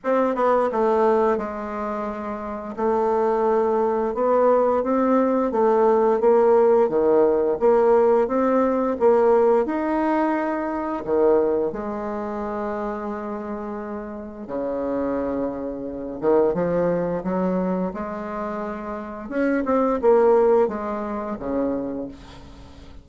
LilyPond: \new Staff \with { instrumentName = "bassoon" } { \time 4/4 \tempo 4 = 87 c'8 b8 a4 gis2 | a2 b4 c'4 | a4 ais4 dis4 ais4 | c'4 ais4 dis'2 |
dis4 gis2.~ | gis4 cis2~ cis8 dis8 | f4 fis4 gis2 | cis'8 c'8 ais4 gis4 cis4 | }